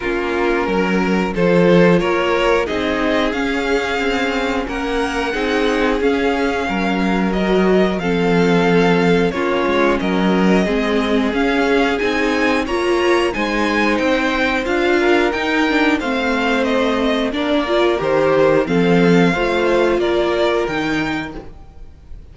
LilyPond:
<<
  \new Staff \with { instrumentName = "violin" } { \time 4/4 \tempo 4 = 90 ais'2 c''4 cis''4 | dis''4 f''2 fis''4~ | fis''4 f''2 dis''4 | f''2 cis''4 dis''4~ |
dis''4 f''4 gis''4 ais''4 | gis''4 g''4 f''4 g''4 | f''4 dis''4 d''4 c''4 | f''2 d''4 g''4 | }
  \new Staff \with { instrumentName = "violin" } { \time 4/4 f'4 ais'4 a'4 ais'4 | gis'2. ais'4 | gis'2 ais'2 | a'2 f'4 ais'4 |
gis'2. cis''4 | c''2~ c''8 ais'4. | c''2 ais'2 | a'4 c''4 ais'2 | }
  \new Staff \with { instrumentName = "viola" } { \time 4/4 cis'2 f'2 | dis'4 cis'2. | dis'4 cis'2 fis'4 | c'2 cis'2 |
c'4 cis'4 dis'4 f'4 | dis'2 f'4 dis'8 d'8 | c'2 d'8 f'8 g'4 | c'4 f'2 dis'4 | }
  \new Staff \with { instrumentName = "cello" } { \time 4/4 ais4 fis4 f4 ais4 | c'4 cis'4 c'4 ais4 | c'4 cis'4 fis2 | f2 ais8 gis8 fis4 |
gis4 cis'4 c'4 ais4 | gis4 c'4 d'4 dis'4 | a2 ais4 dis4 | f4 a4 ais4 dis4 | }
>>